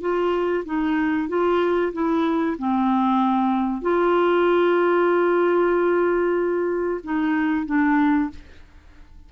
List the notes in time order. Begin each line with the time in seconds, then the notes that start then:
0.00 F4
0.65 D#4
1.28 F4
1.93 E4
2.58 C4
3.81 F4
7.03 D#4
7.66 D4